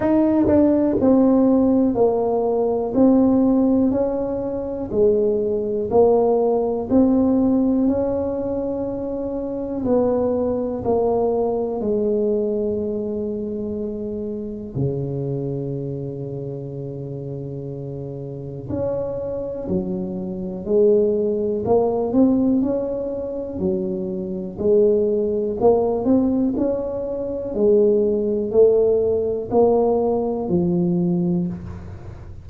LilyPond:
\new Staff \with { instrumentName = "tuba" } { \time 4/4 \tempo 4 = 61 dis'8 d'8 c'4 ais4 c'4 | cis'4 gis4 ais4 c'4 | cis'2 b4 ais4 | gis2. cis4~ |
cis2. cis'4 | fis4 gis4 ais8 c'8 cis'4 | fis4 gis4 ais8 c'8 cis'4 | gis4 a4 ais4 f4 | }